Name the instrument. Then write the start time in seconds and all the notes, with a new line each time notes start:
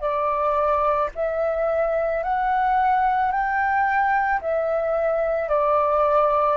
flute
0.00 D5
1.15 E5
2.23 F#5
3.31 G5
4.41 E5
5.48 D5